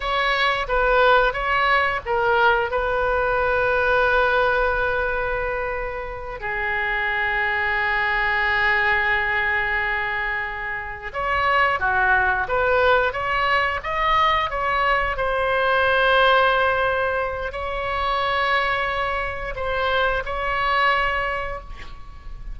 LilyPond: \new Staff \with { instrumentName = "oboe" } { \time 4/4 \tempo 4 = 89 cis''4 b'4 cis''4 ais'4 | b'1~ | b'4. gis'2~ gis'8~ | gis'1~ |
gis'8 cis''4 fis'4 b'4 cis''8~ | cis''8 dis''4 cis''4 c''4.~ | c''2 cis''2~ | cis''4 c''4 cis''2 | }